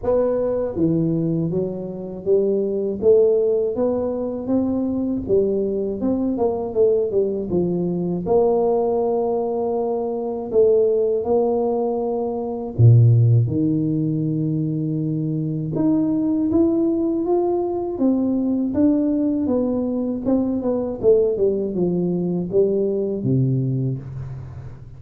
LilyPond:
\new Staff \with { instrumentName = "tuba" } { \time 4/4 \tempo 4 = 80 b4 e4 fis4 g4 | a4 b4 c'4 g4 | c'8 ais8 a8 g8 f4 ais4~ | ais2 a4 ais4~ |
ais4 ais,4 dis2~ | dis4 dis'4 e'4 f'4 | c'4 d'4 b4 c'8 b8 | a8 g8 f4 g4 c4 | }